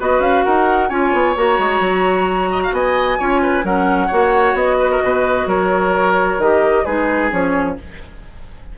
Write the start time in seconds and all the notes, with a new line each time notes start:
0.00 B3 F#4 B4 D#5
0.20 C#4 F5
0.44 D#4 A#4 F#5
0.89 C#4 F4 C#5 G#5
1.13 B3
1.36 A#3 F#4 A#5
1.59 G#3
1.80 F#3
2.52 D#5
2.63 F5
2.72 B3 D#5 G#5
3.19 C#4 F4 C#5
3.42 B4
3.63 F#3 C#4 A#4 F#5
4.07 A#3 F#4 C#5
4.54 B3 D#5
4.79 B4
4.91 A#4
5.03 B2 B4
5.47 F#3 A#4 C#5
6.38 D#3 G4 D#5
6.85 G#3 D#4 G#4 B4
7.30 F3 C#4 C#5